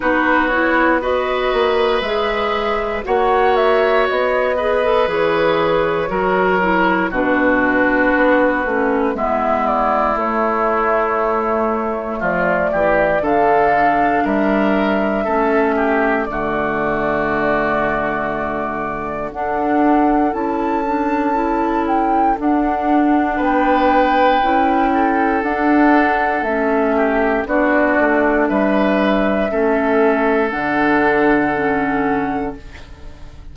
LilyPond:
<<
  \new Staff \with { instrumentName = "flute" } { \time 4/4 \tempo 4 = 59 b'8 cis''8 dis''4 e''4 fis''8 e''8 | dis''4 cis''2 b'4~ | b'4 e''8 d''8 cis''2 | d''4 f''4 e''2 |
d''2. fis''4 | a''4. g''8 fis''4 g''4~ | g''4 fis''4 e''4 d''4 | e''2 fis''2 | }
  \new Staff \with { instrumentName = "oboe" } { \time 4/4 fis'4 b'2 cis''4~ | cis''8 b'4. ais'4 fis'4~ | fis'4 e'2. | f'8 g'8 a'4 ais'4 a'8 g'8 |
fis'2. a'4~ | a'2. b'4~ | b'8 a'2 g'8 fis'4 | b'4 a'2. | }
  \new Staff \with { instrumentName = "clarinet" } { \time 4/4 dis'8 e'8 fis'4 gis'4 fis'4~ | fis'8 gis'16 a'16 gis'4 fis'8 e'8 d'4~ | d'8 cis'8 b4 a2~ | a4 d'2 cis'4 |
a2. d'4 | e'8 d'8 e'4 d'2 | e'4 d'4 cis'4 d'4~ | d'4 cis'4 d'4 cis'4 | }
  \new Staff \with { instrumentName = "bassoon" } { \time 4/4 b4. ais8 gis4 ais4 | b4 e4 fis4 b,4 | b8 a8 gis4 a2 | f8 e8 d4 g4 a4 |
d2. d'4 | cis'2 d'4 b4 | cis'4 d'4 a4 b8 a8 | g4 a4 d2 | }
>>